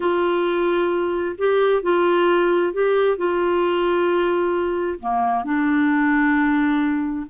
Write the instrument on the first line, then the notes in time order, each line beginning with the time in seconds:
clarinet
0.00 F4
1.38 G4
1.82 F4
2.73 G4
3.17 F4
4.99 A#3
5.44 D4